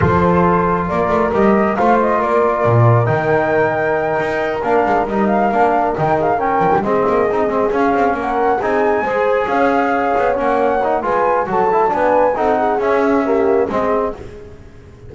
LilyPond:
<<
  \new Staff \with { instrumentName = "flute" } { \time 4/4 \tempo 4 = 136 c''2 d''4 dis''4 | f''8 dis''8 d''2 g''4~ | g''2~ g''8 f''4 dis''8 | f''4. g''8 f''8 g''4 dis''8~ |
dis''4. f''4 fis''4 gis''8~ | gis''4. f''2 fis''8~ | fis''4 gis''4 a''4 gis''4 | fis''4 e''2 dis''4 | }
  \new Staff \with { instrumentName = "horn" } { \time 4/4 a'2 ais'2 | c''4 ais'2.~ | ais'1~ | ais'2 gis'8 ais'4 gis'8~ |
gis'2~ gis'8 ais'4 gis'8~ | gis'8 c''4 cis''2~ cis''8~ | cis''4 b'4 a'4 b'4 | a'8 gis'4. g'4 gis'4 | }
  \new Staff \with { instrumentName = "trombone" } { \time 4/4 f'2. g'4 | f'2. dis'4~ | dis'2~ dis'8 d'4 dis'8~ | dis'8 d'4 dis'4 cis'4 c'8~ |
c'8 dis'8 c'8 cis'2 dis'8~ | dis'8 gis'2. cis'8~ | cis'8 dis'8 f'4 fis'8 e'8 d'4 | dis'4 cis'4 ais4 c'4 | }
  \new Staff \with { instrumentName = "double bass" } { \time 4/4 f2 ais8 a8 g4 | a4 ais4 ais,4 dis4~ | dis4. dis'4 ais8 gis8 g8~ | g8 ais4 dis4. f16 g16 gis8 |
ais8 c'8 gis8 cis'8 c'8 ais4 c'8~ | c'8 gis4 cis'4. b8 ais8~ | ais4 gis4 fis4 b4 | c'4 cis'2 gis4 | }
>>